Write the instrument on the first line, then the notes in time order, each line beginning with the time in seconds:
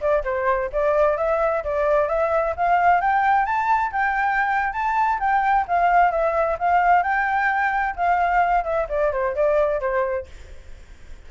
flute
0.00 D5
0.24 C5
0.72 D5
1.17 E5
1.63 D5
2.08 E5
2.56 F5
3.00 G5
3.45 A5
3.91 G5
4.72 A5
5.19 G5
5.67 F5
6.11 E5
6.58 F5
7.03 G5
7.96 F5
8.63 E5
8.88 D5
9.12 C5
9.35 D5
9.80 C5